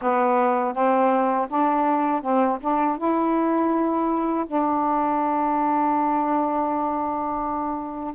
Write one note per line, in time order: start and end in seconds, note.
0.01 0.73 B3
0.73 1.47 C4
1.49 2.21 D4
2.21 2.58 C4
2.60 2.97 D4
2.97 4.45 E4
4.46 8.14 D4